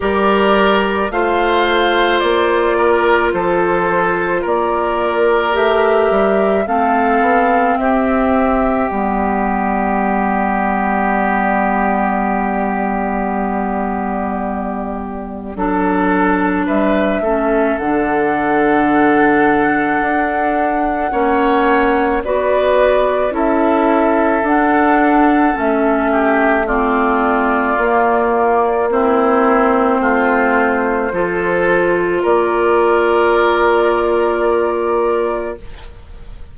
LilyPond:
<<
  \new Staff \with { instrumentName = "flute" } { \time 4/4 \tempo 4 = 54 d''4 f''4 d''4 c''4 | d''4 e''4 f''4 e''4 | d''1~ | d''2. e''4 |
fis''1 | d''4 e''4 fis''4 e''4 | d''2 c''2~ | c''4 d''2. | }
  \new Staff \with { instrumentName = "oboe" } { \time 4/4 ais'4 c''4. ais'8 a'4 | ais'2 a'4 g'4~ | g'1~ | g'2 a'4 b'8 a'8~ |
a'2. cis''4 | b'4 a'2~ a'8 g'8 | f'2 e'4 f'4 | a'4 ais'2. | }
  \new Staff \with { instrumentName = "clarinet" } { \time 4/4 g'4 f'2.~ | f'4 g'4 c'2 | b1~ | b2 d'4. cis'8 |
d'2. cis'4 | fis'4 e'4 d'4 cis'4 | c'4 ais4 c'2 | f'1 | }
  \new Staff \with { instrumentName = "bassoon" } { \time 4/4 g4 a4 ais4 f4 | ais4 a8 g8 a8 b8 c'4 | g1~ | g2 fis4 g8 a8 |
d2 d'4 ais4 | b4 cis'4 d'4 a4~ | a4 ais2 a4 | f4 ais2. | }
>>